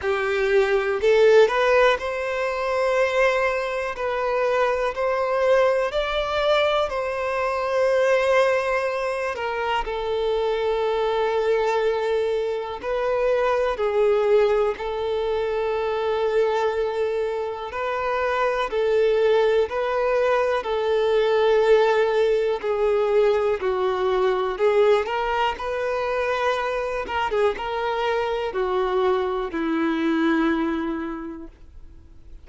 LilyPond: \new Staff \with { instrumentName = "violin" } { \time 4/4 \tempo 4 = 61 g'4 a'8 b'8 c''2 | b'4 c''4 d''4 c''4~ | c''4. ais'8 a'2~ | a'4 b'4 gis'4 a'4~ |
a'2 b'4 a'4 | b'4 a'2 gis'4 | fis'4 gis'8 ais'8 b'4. ais'16 gis'16 | ais'4 fis'4 e'2 | }